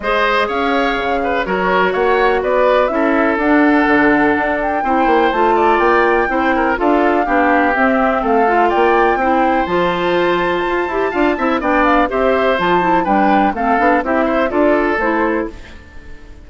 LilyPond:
<<
  \new Staff \with { instrumentName = "flute" } { \time 4/4 \tempo 4 = 124 dis''4 f''2 cis''4 | fis''4 d''4 e''4 fis''4~ | fis''4. g''4. a''4 | g''2 f''2 |
e''4 f''4 g''2 | a''1 | g''8 f''8 e''4 a''4 g''4 | f''4 e''4 d''4 c''4 | }
  \new Staff \with { instrumentName = "oboe" } { \time 4/4 c''4 cis''4. b'8 ais'4 | cis''4 b'4 a'2~ | a'2 c''4. d''8~ | d''4 c''8 ais'8 a'4 g'4~ |
g'4 a'4 d''4 c''4~ | c''2. f''8 e''8 | d''4 c''2 b'4 | a'4 g'8 c''8 a'2 | }
  \new Staff \with { instrumentName = "clarinet" } { \time 4/4 gis'2. fis'4~ | fis'2 e'4 d'4~ | d'2 e'4 f'4~ | f'4 e'4 f'4 d'4 |
c'4. f'4. e'4 | f'2~ f'8 g'8 f'8 e'8 | d'4 g'4 f'8 e'8 d'4 | c'8 d'8 e'4 f'4 e'4 | }
  \new Staff \with { instrumentName = "bassoon" } { \time 4/4 gis4 cis'4 cis4 fis4 | ais4 b4 cis'4 d'4 | d4 d'4 c'8 ais8 a4 | ais4 c'4 d'4 b4 |
c'4 a4 ais4 c'4 | f2 f'8 e'8 d'8 c'8 | b4 c'4 f4 g4 | a8 b8 c'4 d'4 a4 | }
>>